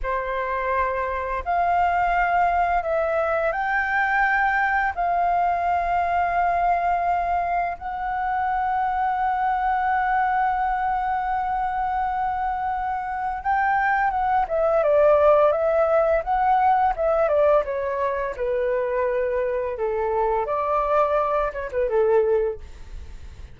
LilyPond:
\new Staff \with { instrumentName = "flute" } { \time 4/4 \tempo 4 = 85 c''2 f''2 | e''4 g''2 f''4~ | f''2. fis''4~ | fis''1~ |
fis''2. g''4 | fis''8 e''8 d''4 e''4 fis''4 | e''8 d''8 cis''4 b'2 | a'4 d''4. cis''16 b'16 a'4 | }